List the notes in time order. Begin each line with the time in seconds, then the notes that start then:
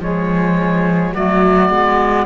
0.00 F3 G#3 G#4 C#5
1.13 F#3 A3 F#4 D5
1.70 G#3 B3